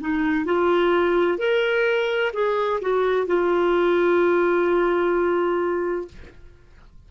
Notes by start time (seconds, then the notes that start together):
0.00 D#4
0.45 F4
1.38 A#4
2.33 G#4
2.81 F#4
3.26 F4